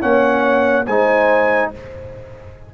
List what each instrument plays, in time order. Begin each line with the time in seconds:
0.00 tuba A#3, trombone C#4, horn C#5, trumpet F#5
0.86 tuba G#3, trombone D#4, horn C5, trumpet G#5